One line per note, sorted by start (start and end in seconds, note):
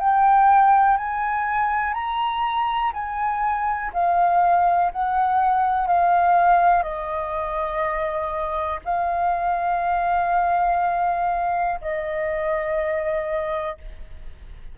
0.00 0.97 G5
0.97 1.94 G#5
1.94 2.92 A#5
2.94 3.92 G#5
3.93 4.92 F5
4.92 5.87 F#5
5.87 6.83 F5
6.83 8.80 D#5
8.85 11.80 F5
11.81 13.78 D#5